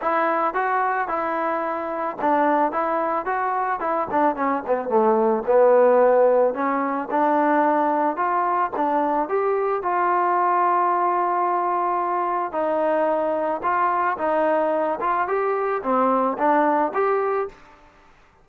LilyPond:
\new Staff \with { instrumentName = "trombone" } { \time 4/4 \tempo 4 = 110 e'4 fis'4 e'2 | d'4 e'4 fis'4 e'8 d'8 | cis'8 b8 a4 b2 | cis'4 d'2 f'4 |
d'4 g'4 f'2~ | f'2. dis'4~ | dis'4 f'4 dis'4. f'8 | g'4 c'4 d'4 g'4 | }